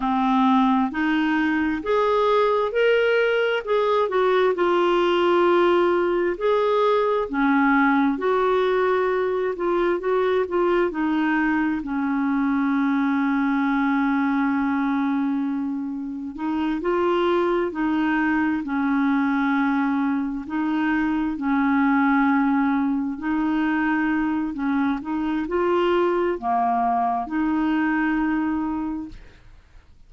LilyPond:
\new Staff \with { instrumentName = "clarinet" } { \time 4/4 \tempo 4 = 66 c'4 dis'4 gis'4 ais'4 | gis'8 fis'8 f'2 gis'4 | cis'4 fis'4. f'8 fis'8 f'8 | dis'4 cis'2.~ |
cis'2 dis'8 f'4 dis'8~ | dis'8 cis'2 dis'4 cis'8~ | cis'4. dis'4. cis'8 dis'8 | f'4 ais4 dis'2 | }